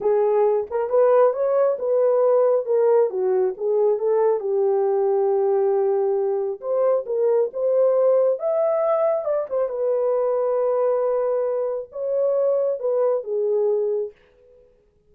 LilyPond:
\new Staff \with { instrumentName = "horn" } { \time 4/4 \tempo 4 = 136 gis'4. ais'8 b'4 cis''4 | b'2 ais'4 fis'4 | gis'4 a'4 g'2~ | g'2. c''4 |
ais'4 c''2 e''4~ | e''4 d''8 c''8 b'2~ | b'2. cis''4~ | cis''4 b'4 gis'2 | }